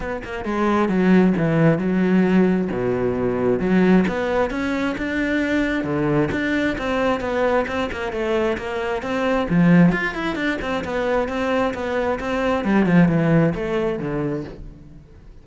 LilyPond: \new Staff \with { instrumentName = "cello" } { \time 4/4 \tempo 4 = 133 b8 ais8 gis4 fis4 e4 | fis2 b,2 | fis4 b4 cis'4 d'4~ | d'4 d4 d'4 c'4 |
b4 c'8 ais8 a4 ais4 | c'4 f4 f'8 e'8 d'8 c'8 | b4 c'4 b4 c'4 | g8 f8 e4 a4 d4 | }